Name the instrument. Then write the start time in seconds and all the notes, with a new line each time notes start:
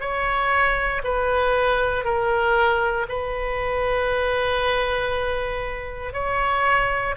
oboe
0.00 C#5
1.04 B4
2.05 A#4
3.09 B4
6.13 C#5